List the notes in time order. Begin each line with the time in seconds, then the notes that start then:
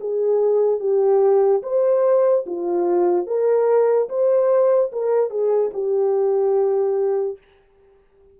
0.00 G#4
0.80 G4
1.62 C5
2.46 F4
3.26 A#4
4.08 C5
4.92 A#4
5.29 G#4
5.73 G4